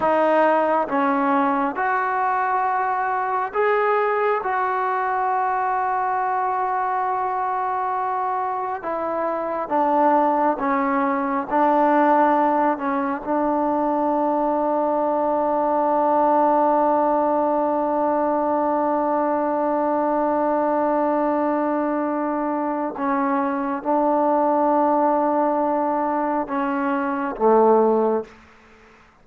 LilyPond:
\new Staff \with { instrumentName = "trombone" } { \time 4/4 \tempo 4 = 68 dis'4 cis'4 fis'2 | gis'4 fis'2.~ | fis'2 e'4 d'4 | cis'4 d'4. cis'8 d'4~ |
d'1~ | d'1~ | d'2 cis'4 d'4~ | d'2 cis'4 a4 | }